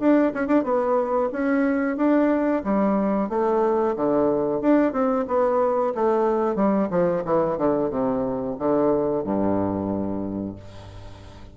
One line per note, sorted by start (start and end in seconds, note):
0.00 0.33 D4
0.34 0.48 C#4
0.48 0.64 D4
0.64 1.30 B3
1.33 1.97 C#4
1.97 2.63 D4
2.65 3.30 G3
3.30 3.96 A3
3.97 4.61 D3
4.61 4.93 D4
4.93 5.26 C4
5.28 5.94 B3
5.95 6.56 A3
6.56 6.89 G3
6.91 7.23 F3
7.25 7.58 E3
7.58 7.91 D3
7.91 8.57 C3
8.59 9.24 D3
9.24 10.56 G2